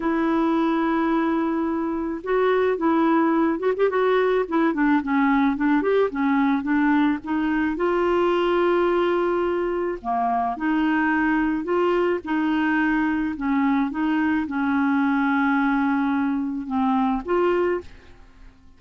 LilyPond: \new Staff \with { instrumentName = "clarinet" } { \time 4/4 \tempo 4 = 108 e'1 | fis'4 e'4. fis'16 g'16 fis'4 | e'8 d'8 cis'4 d'8 g'8 cis'4 | d'4 dis'4 f'2~ |
f'2 ais4 dis'4~ | dis'4 f'4 dis'2 | cis'4 dis'4 cis'2~ | cis'2 c'4 f'4 | }